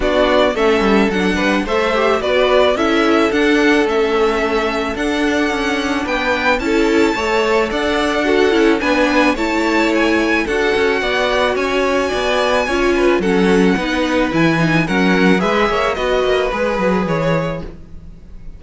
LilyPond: <<
  \new Staff \with { instrumentName = "violin" } { \time 4/4 \tempo 4 = 109 d''4 e''4 fis''4 e''4 | d''4 e''4 fis''4 e''4~ | e''4 fis''2 g''4 | a''2 fis''2 |
gis''4 a''4 gis''4 fis''4~ | fis''4 gis''2. | fis''2 gis''4 fis''4 | e''4 dis''4 b'4 cis''4 | }
  \new Staff \with { instrumentName = "violin" } { \time 4/4 fis'4 a'4. b'8 c''4 | b'4 a'2.~ | a'2. b'4 | a'4 cis''4 d''4 a'4 |
b'4 cis''2 a'4 | d''4 cis''4 d''4 cis''8 b'8 | a'4 b'2 ais'4 | b'8 cis''8 b'2. | }
  \new Staff \with { instrumentName = "viola" } { \time 4/4 d'4 cis'4 d'4 a'8 g'8 | fis'4 e'4 d'4 cis'4~ | cis'4 d'2. | e'4 a'2 fis'8 e'8 |
d'4 e'2 fis'4~ | fis'2. f'4 | cis'4 dis'4 e'8 dis'8 cis'4 | gis'4 fis'4 gis'2 | }
  \new Staff \with { instrumentName = "cello" } { \time 4/4 b4 a8 g8 fis8 g8 a4 | b4 cis'4 d'4 a4~ | a4 d'4 cis'4 b4 | cis'4 a4 d'4. cis'8 |
b4 a2 d'8 cis'8 | b4 cis'4 b4 cis'4 | fis4 b4 e4 fis4 | gis8 ais8 b8 ais8 gis8 fis8 e4 | }
>>